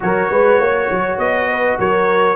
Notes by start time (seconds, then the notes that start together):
0.00 F#3 F#4 A#4 C#5
0.30 G#3 B4
0.59 A#3 C#5
0.90 F#3
1.18 B3 D#5
1.50 B4
1.78 F#3 A#4 C#5